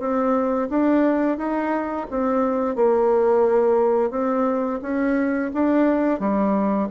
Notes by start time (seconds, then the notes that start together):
0.00 C4
0.70 D4
1.38 D#4
2.11 C4
2.76 A#3
4.11 C4
4.82 C#4
5.54 D4
6.20 G3